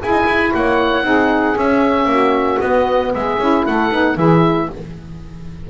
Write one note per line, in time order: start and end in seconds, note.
0.00 1.03 E4
0.00 0.11 E4
0.00 0.52 G#4
0.00 0.54 G#5
0.11 0.24 D#4
0.26 0.52 E4
0.54 1.03 A#3
0.54 1.03 C#5
0.54 1.58 F#5
1.03 1.55 C4
1.03 1.55 D#4
1.03 2.08 G#4
1.55 2.59 C#4
1.55 2.05 C#4
1.55 2.60 E5
2.05 2.57 A#3
2.05 3.14 F#4
2.60 3.39 B3
2.60 3.13 B3
2.60 3.12 D#5
3.14 3.38 G#3
3.14 3.67 G#4
3.14 3.66 E5
3.38 3.64 C#4
3.38 3.91 E4
3.66 3.91 A3
3.66 4.16 A4
3.66 4.18 F#5
3.91 4.17 B3
3.91 4.17 D#4
4.16 4.69 E3
4.16 4.69 E4
4.16 4.68 G#4
4.16 4.70 E5